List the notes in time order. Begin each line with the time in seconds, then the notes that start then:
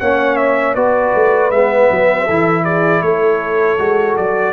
0.00 A#3 C#4 C#5 F#5
0.36 E5
0.75 B3 F#4 B4 D5
1.14 A3
1.50 G#3 B3 E5
1.91 F#3
2.25 E3 E4 A4
2.64 G#4 D5
3.02 A3 A4 C#5
3.78 G#3 F#4
4.16 F#3 D5